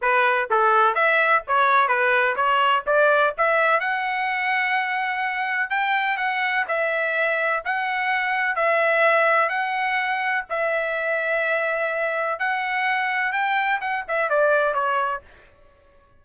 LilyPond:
\new Staff \with { instrumentName = "trumpet" } { \time 4/4 \tempo 4 = 126 b'4 a'4 e''4 cis''4 | b'4 cis''4 d''4 e''4 | fis''1 | g''4 fis''4 e''2 |
fis''2 e''2 | fis''2 e''2~ | e''2 fis''2 | g''4 fis''8 e''8 d''4 cis''4 | }